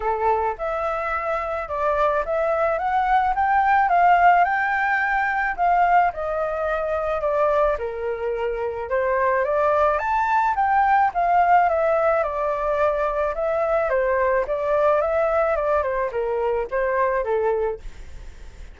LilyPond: \new Staff \with { instrumentName = "flute" } { \time 4/4 \tempo 4 = 108 a'4 e''2 d''4 | e''4 fis''4 g''4 f''4 | g''2 f''4 dis''4~ | dis''4 d''4 ais'2 |
c''4 d''4 a''4 g''4 | f''4 e''4 d''2 | e''4 c''4 d''4 e''4 | d''8 c''8 ais'4 c''4 a'4 | }